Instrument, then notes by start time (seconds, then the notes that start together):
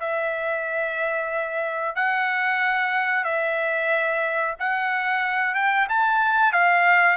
trumpet
0.00 E5
1.96 F#5
3.25 E5
4.60 F#5
5.55 G5
5.89 A5
6.53 F5